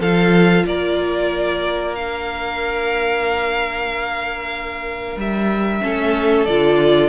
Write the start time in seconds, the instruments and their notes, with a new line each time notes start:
0.00 cello F3, viola F4, violin A4 F5
0.66 cello A#3, violin A#4 D5
1.95 viola D4, violin F5
5.16 cello G3, violin E5
5.82 cello A3, viola C#4, violin A4
6.46 cello D3, viola F4, violin D5